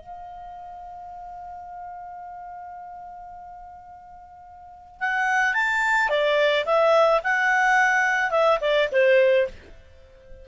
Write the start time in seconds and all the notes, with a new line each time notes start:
0.00 F5
5.00 F#5
5.54 A5
6.10 D5
6.66 E5
7.24 F#5
8.31 E5
8.61 D5
8.92 C5